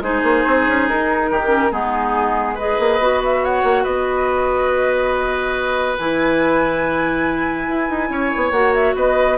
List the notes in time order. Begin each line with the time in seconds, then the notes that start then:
0.00 G#3 D#4 G#4 C5
0.23 A#3
0.46 C4
0.67 C#4
0.88 D#4 A#4
1.30 D#3 G4
1.47 C#4
1.71 G#3 B3 D#4 G#4
2.54 G#4 B4 D#5
2.79 A#3
2.99 B3 F#4
3.24 E5
3.43 C#5 F#5
3.63 A#3
3.83 B3 B4 D#5
5.98 E3 E4 G#5
7.68 E4
7.89 D#4
8.09 C#4 C#5
8.36 B3
8.51 A#3 F#4 F#5
8.73 E5
8.95 B3 B4 D#5